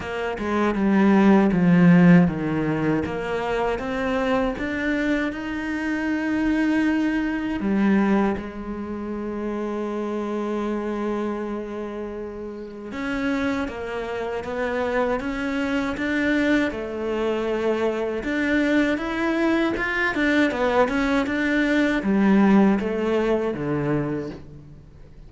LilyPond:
\new Staff \with { instrumentName = "cello" } { \time 4/4 \tempo 4 = 79 ais8 gis8 g4 f4 dis4 | ais4 c'4 d'4 dis'4~ | dis'2 g4 gis4~ | gis1~ |
gis4 cis'4 ais4 b4 | cis'4 d'4 a2 | d'4 e'4 f'8 d'8 b8 cis'8 | d'4 g4 a4 d4 | }